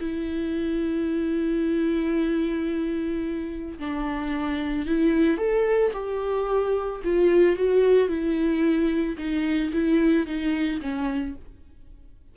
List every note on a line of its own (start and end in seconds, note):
0.00 3.78 E4
3.78 4.86 D4
4.86 5.37 E4
5.37 5.91 A4
5.93 7.01 G4
7.04 7.56 F4
7.56 8.08 F#4
8.08 9.16 E4
9.18 9.72 D#4
9.72 10.26 E4
10.26 10.80 D#4
10.81 11.35 C#4